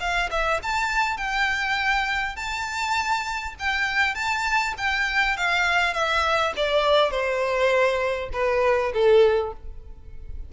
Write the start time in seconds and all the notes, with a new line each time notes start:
0.00 F5
0.31 E5
0.63 A5
1.17 G5
2.36 A5
3.59 G5
4.15 A5
4.78 G5
5.37 F5
5.94 E5
6.56 D5
7.11 C5
8.33 B4
8.94 A4